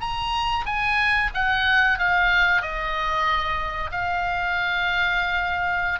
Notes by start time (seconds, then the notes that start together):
0.00 A#5
0.65 G#5
1.34 F#5
1.98 F5
2.61 D#5
3.91 F5